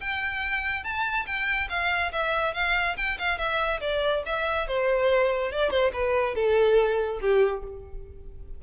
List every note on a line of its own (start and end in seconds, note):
0.00 0.83 G5
0.83 1.26 A5
1.26 1.68 G5
1.69 2.11 F5
2.12 2.54 E5
2.54 2.96 F5
2.97 3.18 G5
3.18 3.38 F5
3.38 3.80 E5
3.80 4.23 D5
4.25 4.67 E5
4.67 5.52 C5
5.52 5.70 D5
5.70 5.91 C5
5.93 6.35 B4
6.35 7.19 A4
7.21 7.63 G4